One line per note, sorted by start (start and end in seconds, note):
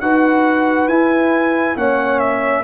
0.00 0.88 D#4
0.00 0.89 F#4
0.00 1.78 B4
0.00 0.88 F#5
0.88 1.76 E4
0.88 1.76 G#5
1.76 2.64 A#3
1.76 2.64 C#4
1.76 2.64 C#5
1.76 2.19 F#5
2.19 2.63 E5